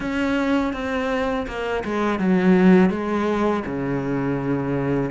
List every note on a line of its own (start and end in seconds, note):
0.00 0.73 C#4
0.73 1.46 C4
1.47 1.83 A#3
1.84 2.19 G#3
2.19 2.90 F#3
2.90 3.63 G#3
3.66 5.10 C#3